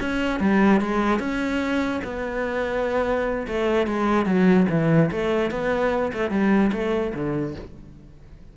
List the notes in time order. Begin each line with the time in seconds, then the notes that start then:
0.00 C#4
0.40 G3
0.81 G#3
1.19 C#4
2.04 B3
3.48 A3
3.87 G#3
4.25 F#3
4.69 E3
5.11 A3
5.51 B3
6.13 A3
6.30 G3
6.72 A3
7.14 D3